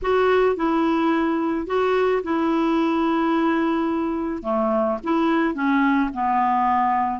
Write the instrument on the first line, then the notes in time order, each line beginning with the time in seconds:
clarinet
0.02 F#4
0.56 E4
1.66 F#4
2.23 E4
4.42 A3
5.03 E4
5.54 C#4
6.13 B3